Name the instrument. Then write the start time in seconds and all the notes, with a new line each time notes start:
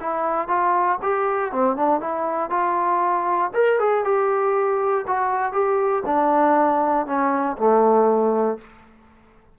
trombone
0.00 E4
0.48 F4
1.02 G4
1.52 C4
1.76 D4
2.00 E4
2.50 F4
3.54 A#4
3.79 G#4
4.04 G4
5.07 F#4
5.52 G4
6.05 D4
7.06 C#4
7.57 A3